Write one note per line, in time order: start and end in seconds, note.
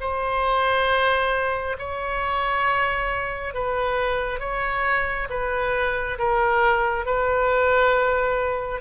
0.00 1.76 C5
1.78 3.53 C#5
3.53 4.39 B4
4.39 5.27 C#5
5.29 6.18 B4
6.18 7.05 A#4
7.05 8.81 B4